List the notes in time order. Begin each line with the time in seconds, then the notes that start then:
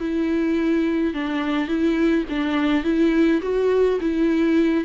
0.00 E4
1.14 D4
1.68 E4
2.30 D4
2.84 E4
3.42 F#4
4.01 E4